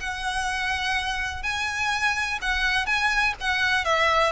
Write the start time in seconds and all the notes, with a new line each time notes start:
0.00 F#5
1.43 G#5
2.42 F#5
2.86 G#5
3.41 F#5
3.85 E5